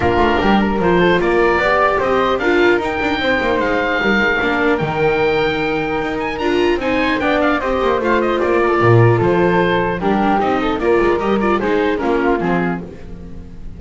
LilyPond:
<<
  \new Staff \with { instrumentName = "oboe" } { \time 4/4 \tempo 4 = 150 ais'2 c''4 d''4~ | d''4 dis''4 f''4 g''4~ | g''4 f''2. | g''2.~ g''8 gis''8 |
ais''4 gis''4 g''8 f''8 dis''4 | f''8 dis''8 d''2 c''4~ | c''4 ais'4 dis''4 d''4 | dis''8 d''8 c''4 ais'4 gis'4 | }
  \new Staff \with { instrumentName = "flute" } { \time 4/4 f'4 g'8 ais'4 a'8 ais'4 | d''4 c''4 ais'2 | c''2 ais'2~ | ais'1~ |
ais'4 c''4 d''4 c''4~ | c''4. ais'16 a'16 ais'4 a'4~ | a'4 g'4. a'8 ais'4~ | ais'4 gis'4 f'2 | }
  \new Staff \with { instrumentName = "viola" } { \time 4/4 d'2 f'2 | g'2 f'4 dis'4~ | dis'2. d'4 | dis'1 |
f'4 dis'4 d'4 g'4 | f'1~ | f'4 d'4 dis'4 f'4 | g'8 f'8 dis'4 cis'4 c'4 | }
  \new Staff \with { instrumentName = "double bass" } { \time 4/4 ais8 a8 g4 f4 ais4 | b4 c'4 d'4 dis'8 d'8 | c'8 ais8 gis4 g8 gis8 ais4 | dis2. dis'4 |
d'4 c'4 b4 c'8 ais8 | a4 ais4 ais,4 f4~ | f4 g4 c'4 ais8 gis8 | g4 gis4 ais4 f4 | }
>>